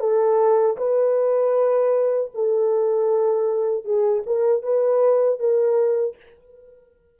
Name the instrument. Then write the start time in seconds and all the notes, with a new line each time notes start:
horn
0.00 A4
0.77 B4
2.35 A4
3.85 G#4
4.27 A#4
4.63 B4
5.40 A#4